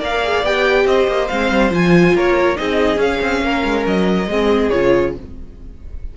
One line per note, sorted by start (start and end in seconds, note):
0.00 0.43 A#3
0.00 0.22 A#4
0.00 0.86 D5
0.00 0.45 F5
0.24 0.44 G#4
0.43 0.86 B3
0.43 1.30 G4
0.43 0.87 G5
0.86 1.07 C4
0.86 2.15 C5
0.86 1.28 D#5
1.08 1.29 A#3
1.28 1.51 G#3
1.28 1.71 C4
1.28 1.71 F5
1.51 1.71 G3
1.71 2.14 F3
1.71 2.57 F4
1.71 2.17 G#5
2.14 2.57 A#3
2.14 2.58 A#4
2.14 2.57 C#5
2.57 2.97 C4
2.57 2.97 D#4
2.57 3.45 G#4
2.57 3.00 D#5
2.97 4.26 C#4
2.97 3.19 C#4
2.97 3.86 F5
3.21 3.42 C4
3.42 3.63 A#3
3.42 4.29 A#4
3.64 3.86 G#3
3.87 4.27 F#3
3.87 4.69 D#5
4.27 4.70 G#3
4.27 4.73 C4
4.27 5.15 G#4
4.69 5.17 C#3
4.69 5.16 F4
4.69 5.12 C#5